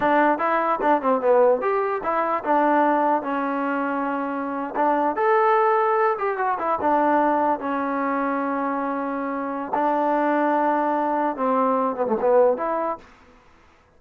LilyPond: \new Staff \with { instrumentName = "trombone" } { \time 4/4 \tempo 4 = 148 d'4 e'4 d'8 c'8 b4 | g'4 e'4 d'2 | cis'2.~ cis'8. d'16~ | d'8. a'2~ a'8 g'8 fis'16~ |
fis'16 e'8 d'2 cis'4~ cis'16~ | cis'1 | d'1 | c'4. b16 a16 b4 e'4 | }